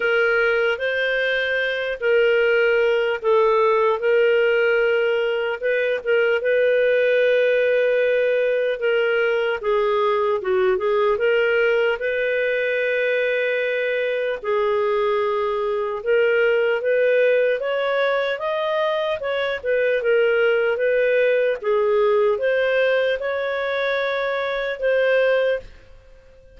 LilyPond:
\new Staff \with { instrumentName = "clarinet" } { \time 4/4 \tempo 4 = 75 ais'4 c''4. ais'4. | a'4 ais'2 b'8 ais'8 | b'2. ais'4 | gis'4 fis'8 gis'8 ais'4 b'4~ |
b'2 gis'2 | ais'4 b'4 cis''4 dis''4 | cis''8 b'8 ais'4 b'4 gis'4 | c''4 cis''2 c''4 | }